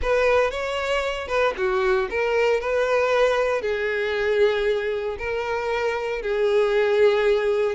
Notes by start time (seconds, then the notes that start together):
0.01 B4
0.50 C#5
1.27 B4
1.57 F#4
2.09 A#4
2.60 B4
3.61 G#4
5.18 A#4
6.21 G#4